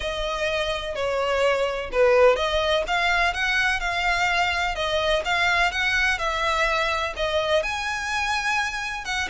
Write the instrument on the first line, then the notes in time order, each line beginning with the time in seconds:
violin
0.00 D#5
0.95 C#5
1.92 B4
2.35 D#5
2.87 F5
3.33 F#5
3.80 F5
4.75 D#5
5.24 F5
5.71 F#5
6.18 E5
7.16 D#5
7.62 G#5
9.04 F#5